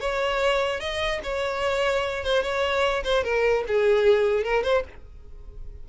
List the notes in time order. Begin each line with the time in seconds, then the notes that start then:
0.00 C#5
0.80 D#5
1.23 C#5
2.24 C5
2.42 C#5
3.03 C5
3.23 A#4
3.67 G#4
4.43 A#4
4.63 C5